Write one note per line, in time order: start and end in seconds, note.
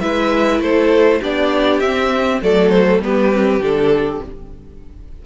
0.00 0.59 G#3
0.00 1.21 E4
0.00 0.62 B4
0.00 0.60 E5
0.59 1.19 A3
0.59 1.20 A4
0.59 1.21 C5
1.20 1.81 B3
1.20 1.82 D4
1.20 2.40 G4
1.20 1.79 D5
1.79 2.41 C4
1.79 2.42 C4
1.79 2.39 E5
2.41 2.99 F#3
2.41 3.02 A3
2.41 3.03 A4
2.41 2.69 D5
2.69 2.99 C5
2.99 3.59 G3
2.99 3.32 B3
2.99 4.25 G4
2.99 3.62 B4
3.32 3.60 C4
3.59 4.19 D3
3.59 4.21 D4
3.59 4.22 A4